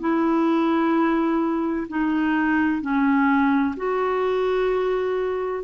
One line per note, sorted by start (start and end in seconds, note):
0.00 1.87 E4
1.88 2.82 D#4
2.82 3.75 C#4
3.77 5.64 F#4